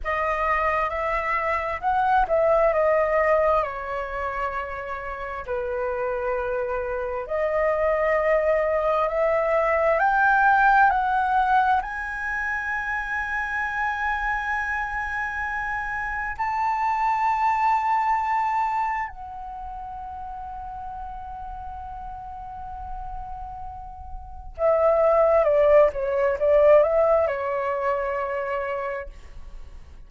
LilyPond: \new Staff \with { instrumentName = "flute" } { \time 4/4 \tempo 4 = 66 dis''4 e''4 fis''8 e''8 dis''4 | cis''2 b'2 | dis''2 e''4 g''4 | fis''4 gis''2.~ |
gis''2 a''2~ | a''4 fis''2.~ | fis''2. e''4 | d''8 cis''8 d''8 e''8 cis''2 | }